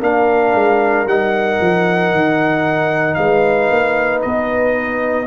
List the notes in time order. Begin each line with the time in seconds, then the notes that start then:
0.00 A#3 D4 A#4 F5
0.54 G#3
1.05 G3 D#4 F#5
1.60 F3
2.11 D#3
3.14 G#3 B4 F5
3.70 A#3
4.21 B3 D#5